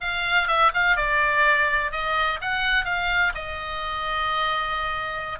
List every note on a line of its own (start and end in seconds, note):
0.00 0.47 F5
0.47 0.71 E5
0.74 0.96 F5
0.96 1.91 D5
1.91 2.39 D#5
2.41 2.84 F#5
2.84 3.32 F5
3.34 5.38 D#5